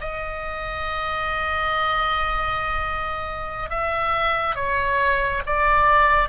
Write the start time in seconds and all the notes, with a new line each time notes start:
0.00 D#5
3.70 E5
4.55 C#5
5.46 D5